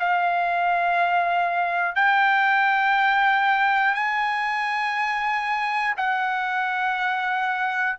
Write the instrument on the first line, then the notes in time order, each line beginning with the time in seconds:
trumpet
0.00 F5
1.96 G5
3.95 G#5
5.98 F#5